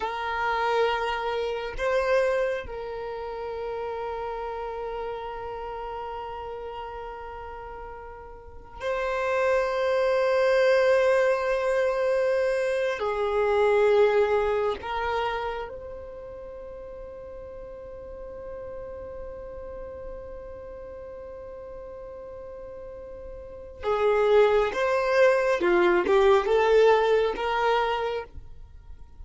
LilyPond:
\new Staff \with { instrumentName = "violin" } { \time 4/4 \tempo 4 = 68 ais'2 c''4 ais'4~ | ais'1~ | ais'2 c''2~ | c''2~ c''8. gis'4~ gis'16~ |
gis'8. ais'4 c''2~ c''16~ | c''1~ | c''2. gis'4 | c''4 f'8 g'8 a'4 ais'4 | }